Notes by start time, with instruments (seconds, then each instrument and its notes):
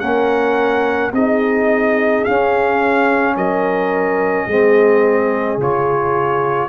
0.00 tuba A#3, trombone C#4, horn A#4, trumpet F#5
1.12 tuba C4, trombone D#4, horn G#4, trumpet D#5
2.24 trombone C#4, tuba C#4, trumpet F5
3.36 tuba F#3, horn A#4, trumpet D#5
4.46 tuba G#3, trombone C4, horn G#4
5.57 tuba C#3, trombone F4, trumpet C#5